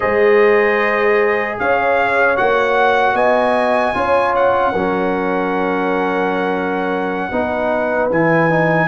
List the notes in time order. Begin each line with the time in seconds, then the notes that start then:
0.00 G#3 G#4 C5 D#5
1.59 C#4 C#5 F5
2.36 A#3 F#4 F#5
3.13 B3 D#5 G#5
3.94 C#4 F4 C#5
4.35 F#5
4.72 F#3 C#4 A#4
7.30 B3 D#4 B4
8.10 E3 E4 G#5
8.49 D#4